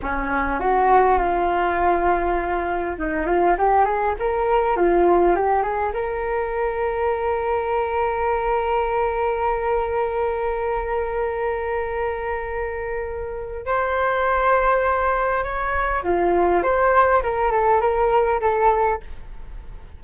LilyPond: \new Staff \with { instrumentName = "flute" } { \time 4/4 \tempo 4 = 101 cis'4 fis'4 f'2~ | f'4 dis'8 f'8 g'8 gis'8 ais'4 | f'4 g'8 gis'8 ais'2~ | ais'1~ |
ais'1~ | ais'2. c''4~ | c''2 cis''4 f'4 | c''4 ais'8 a'8 ais'4 a'4 | }